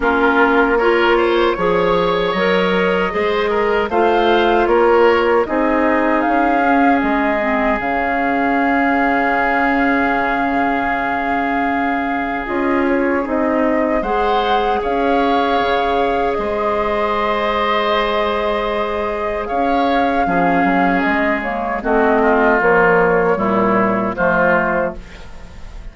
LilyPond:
<<
  \new Staff \with { instrumentName = "flute" } { \time 4/4 \tempo 4 = 77 ais'4 cis''2 dis''4~ | dis''4 f''4 cis''4 dis''4 | f''4 dis''4 f''2~ | f''1 |
dis''8 cis''8 dis''4 fis''4 f''4~ | f''4 dis''2.~ | dis''4 f''2 dis''8 cis''8 | dis''4 cis''2 c''4 | }
  \new Staff \with { instrumentName = "oboe" } { \time 4/4 f'4 ais'8 c''8 cis''2 | c''8 ais'8 c''4 ais'4 gis'4~ | gis'1~ | gis'1~ |
gis'2 c''4 cis''4~ | cis''4 c''2.~ | c''4 cis''4 gis'2 | fis'8 f'4. e'4 f'4 | }
  \new Staff \with { instrumentName = "clarinet" } { \time 4/4 cis'4 f'4 gis'4 ais'4 | gis'4 f'2 dis'4~ | dis'8 cis'4 c'8 cis'2~ | cis'1 |
f'4 dis'4 gis'2~ | gis'1~ | gis'2 cis'4. ais8 | c'4 f4 g4 a4 | }
  \new Staff \with { instrumentName = "bassoon" } { \time 4/4 ais2 f4 fis4 | gis4 a4 ais4 c'4 | cis'4 gis4 cis2~ | cis1 |
cis'4 c'4 gis4 cis'4 | cis4 gis2.~ | gis4 cis'4 f8 fis8 gis4 | a4 ais4 ais,4 f4 | }
>>